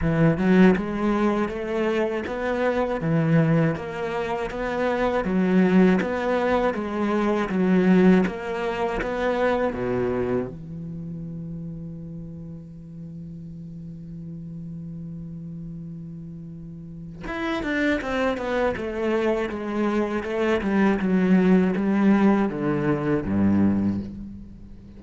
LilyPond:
\new Staff \with { instrumentName = "cello" } { \time 4/4 \tempo 4 = 80 e8 fis8 gis4 a4 b4 | e4 ais4 b4 fis4 | b4 gis4 fis4 ais4 | b4 b,4 e2~ |
e1~ | e2. e'8 d'8 | c'8 b8 a4 gis4 a8 g8 | fis4 g4 d4 g,4 | }